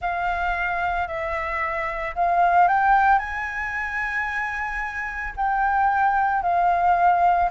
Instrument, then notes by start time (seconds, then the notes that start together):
flute
0.00 F5
1.07 E5
2.15 F5
2.67 G5
3.19 G#5
5.36 G5
6.42 F5